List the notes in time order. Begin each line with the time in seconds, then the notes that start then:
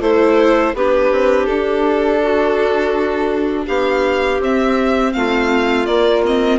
0.00 A3 E4 A4 C5
0.74 B3 D4 G4 B4
1.12 C4
1.46 D4 A4
2.22 F#4
3.66 B3 G4 F5
4.40 C4 E5
5.13 A3 F4 F5
5.86 A#3 D5
6.25 C4 D#5